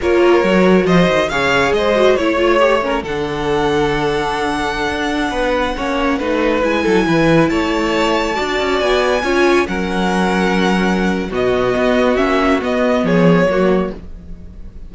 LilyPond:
<<
  \new Staff \with { instrumentName = "violin" } { \time 4/4 \tempo 4 = 138 cis''2 dis''4 f''4 | dis''4 cis''2 fis''4~ | fis''1~ | fis''2.~ fis''16 gis''8.~ |
gis''4~ gis''16 a''2~ a''8.~ | a''16 gis''2 fis''4.~ fis''16~ | fis''2 dis''2 | e''4 dis''4 cis''2 | }
  \new Staff \with { instrumentName = "violin" } { \time 4/4 ais'2 c''4 cis''4 | c''4 cis''4. ais'8 a'4~ | a'1~ | a'16 b'4 cis''4 b'4. a'16~ |
a'16 b'4 cis''2 d''8.~ | d''4~ d''16 cis''4 ais'4.~ ais'16~ | ais'2 fis'2~ | fis'2 gis'4 fis'4 | }
  \new Staff \with { instrumentName = "viola" } { \time 4/4 f'4 fis'2 gis'4~ | gis'8 fis'8 e'8 f'8 g'8 cis'8 d'4~ | d'1~ | d'4~ d'16 cis'4 dis'4 e'8.~ |
e'2.~ e'16 fis'8.~ | fis'4~ fis'16 f'4 cis'4.~ cis'16~ | cis'2 b2 | cis'4 b2 ais4 | }
  \new Staff \with { instrumentName = "cello" } { \time 4/4 ais4 fis4 f8 dis8 cis4 | gis4 a2 d4~ | d2.~ d16 d'8.~ | d'16 b4 ais4 a4 gis8 fis16~ |
fis16 e4 a2 d'8 cis'16~ | cis'16 b4 cis'4 fis4.~ fis16~ | fis2 b,4 b4 | ais4 b4 f4 fis4 | }
>>